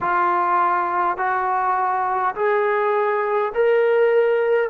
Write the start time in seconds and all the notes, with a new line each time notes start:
0.00 F4
1.17 F#4
2.35 G#4
3.54 A#4